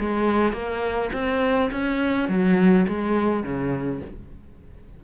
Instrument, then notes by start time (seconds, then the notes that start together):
cello
0.00 G#3
0.52 A#3
1.13 C4
1.71 C#4
2.28 F#3
2.88 G#3
3.43 C#3